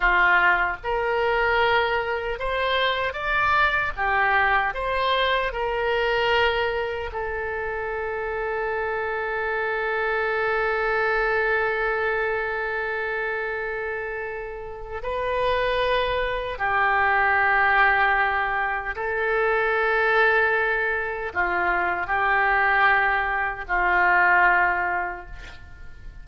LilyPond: \new Staff \with { instrumentName = "oboe" } { \time 4/4 \tempo 4 = 76 f'4 ais'2 c''4 | d''4 g'4 c''4 ais'4~ | ais'4 a'2.~ | a'1~ |
a'2. b'4~ | b'4 g'2. | a'2. f'4 | g'2 f'2 | }